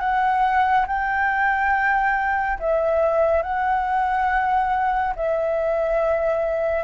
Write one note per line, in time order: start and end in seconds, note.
0.00 0.86 F#5
0.87 2.59 G5
2.60 3.43 E5
3.43 5.14 F#5
5.16 6.84 E5